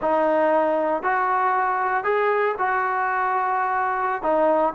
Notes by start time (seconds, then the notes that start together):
0.01 D#4
1.02 F#4
2.03 G#4
2.58 F#4
4.22 D#4